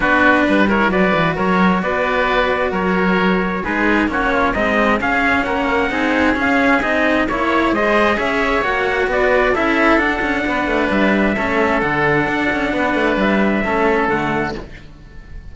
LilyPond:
<<
  \new Staff \with { instrumentName = "trumpet" } { \time 4/4 \tempo 4 = 132 b'4. cis''8 d''4 cis''4 | d''2 cis''2 | b'4 cis''4 dis''4 f''4 | fis''2 f''4 dis''4 |
cis''4 dis''4 e''4 fis''4 | d''4 e''4 fis''2 | e''2 fis''2~ | fis''4 e''2 fis''4 | }
  \new Staff \with { instrumentName = "oboe" } { \time 4/4 fis'4 b'8 ais'8 b'4 ais'4 | b'2 ais'2 | gis'4 fis'8 f'8 dis'4 gis'4 | ais'4 gis'2. |
cis''4 c''4 cis''2 | b'4 a'2 b'4~ | b'4 a'2. | b'2 a'2 | }
  \new Staff \with { instrumentName = "cello" } { \time 4/4 d'4. e'8 fis'2~ | fis'1 | dis'4 cis'4 gis4 cis'4~ | cis'4 dis'4 cis'4 dis'4 |
e'4 gis'2 fis'4~ | fis'4 e'4 d'2~ | d'4 cis'4 d'2~ | d'2 cis'4 a4 | }
  \new Staff \with { instrumentName = "cello" } { \time 4/4 b4 g4 fis8 e8 fis4 | b2 fis2 | gis4 ais4 c'4 cis'4 | ais4 c'4 cis'4 c'4 |
ais4 gis4 cis'4 ais4 | b4 cis'4 d'8 cis'8 b8 a8 | g4 a4 d4 d'8 cis'8 | b8 a8 g4 a4 d4 | }
>>